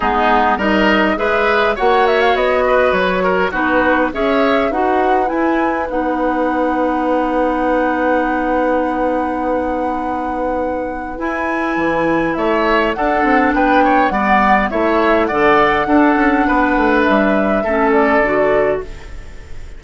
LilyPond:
<<
  \new Staff \with { instrumentName = "flute" } { \time 4/4 \tempo 4 = 102 gis'4 dis''4 e''4 fis''8 e''16 f''16 | dis''4 cis''4 b'4 e''4 | fis''4 gis''4 fis''2~ | fis''1~ |
fis''2. gis''4~ | gis''4 e''4 fis''4 g''4 | fis''4 e''4 fis''2~ | fis''4 e''4. d''4. | }
  \new Staff \with { instrumentName = "oboe" } { \time 4/4 dis'4 ais'4 b'4 cis''4~ | cis''8 b'4 ais'8 fis'4 cis''4 | b'1~ | b'1~ |
b'1~ | b'4 cis''4 a'4 b'8 cis''8 | d''4 cis''4 d''4 a'4 | b'2 a'2 | }
  \new Staff \with { instrumentName = "clarinet" } { \time 4/4 b4 dis'4 gis'4 fis'4~ | fis'2 dis'4 gis'4 | fis'4 e'4 dis'2~ | dis'1~ |
dis'2. e'4~ | e'2 d'2 | b4 e'4 a'4 d'4~ | d'2 cis'4 fis'4 | }
  \new Staff \with { instrumentName = "bassoon" } { \time 4/4 gis4 g4 gis4 ais4 | b4 fis4 b4 cis'4 | dis'4 e'4 b2~ | b1~ |
b2. e'4 | e4 a4 d'8 c'8 b4 | g4 a4 d4 d'8 cis'8 | b8 a8 g4 a4 d4 | }
>>